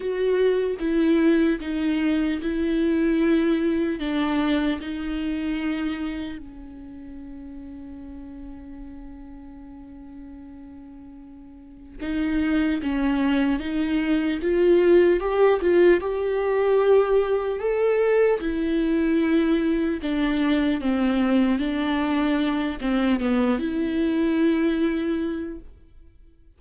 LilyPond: \new Staff \with { instrumentName = "viola" } { \time 4/4 \tempo 4 = 75 fis'4 e'4 dis'4 e'4~ | e'4 d'4 dis'2 | cis'1~ | cis'2. dis'4 |
cis'4 dis'4 f'4 g'8 f'8 | g'2 a'4 e'4~ | e'4 d'4 c'4 d'4~ | d'8 c'8 b8 e'2~ e'8 | }